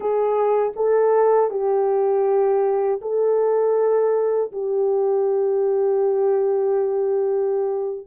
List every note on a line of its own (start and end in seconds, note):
0.00 0.72 G#4
0.75 1.50 A4
1.50 3.00 G4
3.01 4.51 A4
4.51 8.06 G4